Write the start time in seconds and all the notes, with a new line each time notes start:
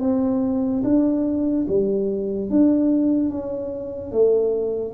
0.00 C4
0.83 D4
1.67 G3
2.50 D4
3.30 C#4
4.12 A3